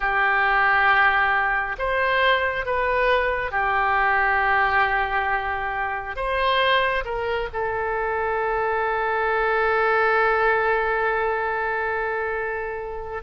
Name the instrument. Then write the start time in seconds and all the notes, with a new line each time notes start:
oboe
0.00 G4
1.78 C5
2.65 B4
3.51 G4
6.15 C5
7.04 A#4
7.53 A4